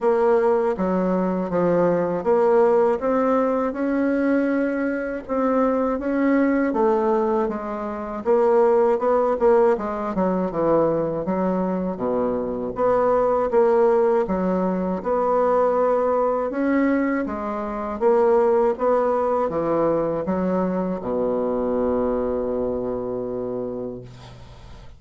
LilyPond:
\new Staff \with { instrumentName = "bassoon" } { \time 4/4 \tempo 4 = 80 ais4 fis4 f4 ais4 | c'4 cis'2 c'4 | cis'4 a4 gis4 ais4 | b8 ais8 gis8 fis8 e4 fis4 |
b,4 b4 ais4 fis4 | b2 cis'4 gis4 | ais4 b4 e4 fis4 | b,1 | }